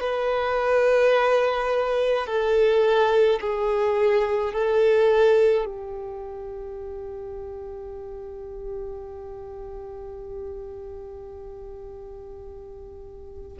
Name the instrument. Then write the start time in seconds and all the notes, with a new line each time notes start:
violin
0.00 B4
2.26 A4
3.40 G#4
4.53 A4
5.65 G4